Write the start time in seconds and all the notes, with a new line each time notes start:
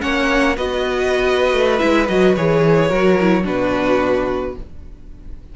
0.00 A#3 C#4 C#5 F#5
0.56 B3 F#4 B4 D#5
1.52 A3
1.78 G#3 E4 E5
2.07 F#3 F#4 D#5
2.36 E3 G#4 C#5
2.88 F#3 F#4 A#4
3.20 E4
3.43 B2 D4 F#4 B4